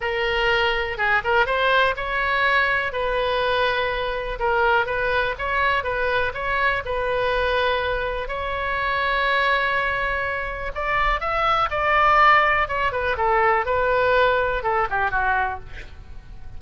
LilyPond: \new Staff \with { instrumentName = "oboe" } { \time 4/4 \tempo 4 = 123 ais'2 gis'8 ais'8 c''4 | cis''2 b'2~ | b'4 ais'4 b'4 cis''4 | b'4 cis''4 b'2~ |
b'4 cis''2.~ | cis''2 d''4 e''4 | d''2 cis''8 b'8 a'4 | b'2 a'8 g'8 fis'4 | }